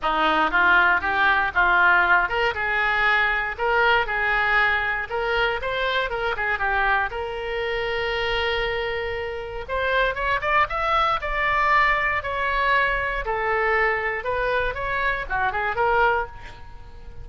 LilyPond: \new Staff \with { instrumentName = "oboe" } { \time 4/4 \tempo 4 = 118 dis'4 f'4 g'4 f'4~ | f'8 ais'8 gis'2 ais'4 | gis'2 ais'4 c''4 | ais'8 gis'8 g'4 ais'2~ |
ais'2. c''4 | cis''8 d''8 e''4 d''2 | cis''2 a'2 | b'4 cis''4 fis'8 gis'8 ais'4 | }